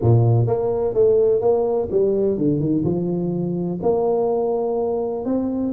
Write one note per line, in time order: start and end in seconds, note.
0.01 0.46 A#2
0.46 0.94 A#3
0.94 1.41 A3
1.41 1.89 A#3
1.91 2.37 G3
2.37 2.60 D3
2.60 2.84 D#3
2.84 3.79 F3
3.82 5.25 A#3
5.25 5.72 C4